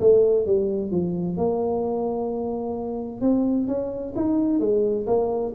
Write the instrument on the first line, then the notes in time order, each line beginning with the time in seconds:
tuba
0.00 A3
0.46 G3
0.91 F3
1.37 A#3
3.21 C4
3.67 C#4
4.16 D#4
4.59 G#3
5.07 A#3